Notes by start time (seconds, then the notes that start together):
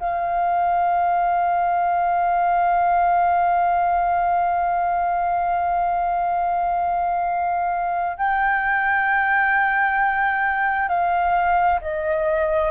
0.00 F5
8.17 G5
10.89 F5
11.81 D#5